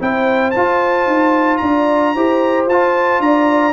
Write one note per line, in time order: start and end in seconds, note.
0.00 0.54 C4
0.00 0.54 E4
0.00 1.62 C5
0.00 0.51 G5
0.51 2.16 F4
0.51 1.06 F4
0.51 1.57 A5
1.06 1.60 D#4
1.57 2.15 D4
1.57 2.15 D5
1.57 2.64 A#5
2.15 2.66 E4
2.15 2.69 G4
2.15 3.22 C5
2.66 3.19 F4
2.66 3.72 F4
2.66 3.21 A5
3.19 3.72 D4
3.19 3.72 D5
3.19 3.72 A#5